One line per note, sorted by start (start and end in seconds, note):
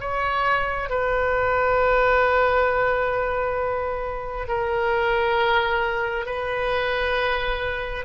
0.00 0.89 C#5
0.89 4.47 B4
4.47 6.26 A#4
6.26 8.05 B4